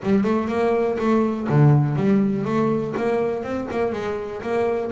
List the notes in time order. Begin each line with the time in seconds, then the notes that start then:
0.02 G3
0.23 A3
0.48 A#3
0.98 A3
1.49 D3
1.96 G3
2.45 A3
2.96 A#3
3.43 C4
3.71 A#3
3.92 G#3
4.42 A#3